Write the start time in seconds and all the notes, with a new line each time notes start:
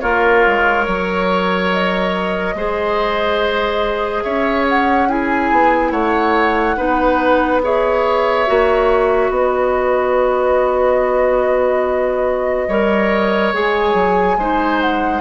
0.00 A#3 F4 A#4 C#5
0.47 G#3
0.86 F#3 C#5
1.73 D#5
2.55 G#3 G#4 C5
4.23 C#4 C#5 E5
4.69 F#5
5.09 E4 G#4 G#5
5.52 B3
5.91 A3 C#5 F#5
6.77 B3 D#4 B4
7.63 G#4 C#5 E5
8.47 A#3 F#4
9.30 B3 B4 D#5
12.68 G3 A#4 C#5
13.54 G#3 G#4 G#5
13.94 F#3
14.37 G#3 D#4 C5
14.81 F#5